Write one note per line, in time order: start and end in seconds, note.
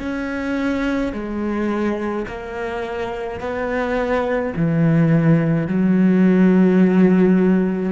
0.00 1.13 C#4
1.13 2.26 G#3
2.28 3.41 A#3
3.41 4.54 B3
4.56 5.68 E3
5.68 7.92 F#3